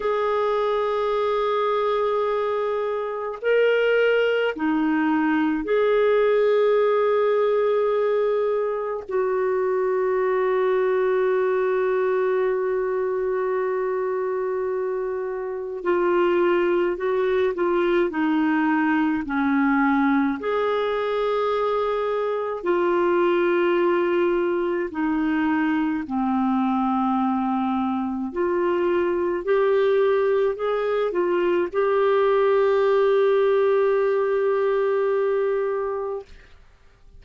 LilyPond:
\new Staff \with { instrumentName = "clarinet" } { \time 4/4 \tempo 4 = 53 gis'2. ais'4 | dis'4 gis'2. | fis'1~ | fis'2 f'4 fis'8 f'8 |
dis'4 cis'4 gis'2 | f'2 dis'4 c'4~ | c'4 f'4 g'4 gis'8 f'8 | g'1 | }